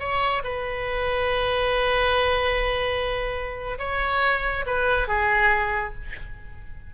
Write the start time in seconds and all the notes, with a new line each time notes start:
0.00 C#5
0.44 B4
3.79 C#5
4.67 B4
5.08 G#4